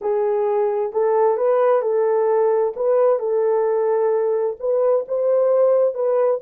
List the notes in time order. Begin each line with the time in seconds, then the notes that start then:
0.01 G#4
0.92 A4
1.37 B4
1.82 A4
2.76 B4
3.19 A4
4.59 B4
5.07 C5
5.94 B4